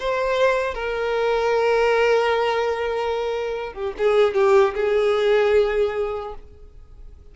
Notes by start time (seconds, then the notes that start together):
0.00 C5
0.75 A#4
3.73 G4
3.98 G#4
4.35 G4
4.75 G#4